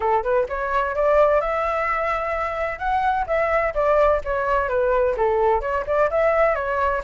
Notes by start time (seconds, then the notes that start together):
0.00 A4
0.23 B4
0.48 C#5
0.95 D5
1.40 E5
2.78 F#5
3.26 E5
3.74 D5
4.24 C#5
4.68 B4
5.16 A4
5.60 C#5
5.86 D5
6.10 E5
6.55 C#5